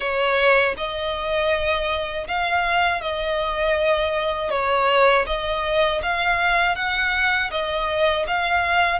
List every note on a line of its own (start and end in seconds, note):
0.00 0.75 C#5
0.77 2.27 D#5
2.27 3.01 F5
3.01 4.50 D#5
4.50 5.25 C#5
5.26 6.01 D#5
6.02 6.75 F5
6.75 7.50 F#5
7.50 8.25 D#5
8.27 8.99 F5